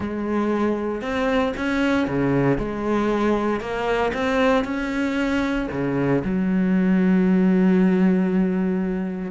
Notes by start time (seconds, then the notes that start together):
0.00 G#3
1.01 C4
1.57 C#4
2.07 C#3
2.58 G#3
3.60 A#3
4.13 C4
4.64 C#4
5.71 C#3
6.24 F#3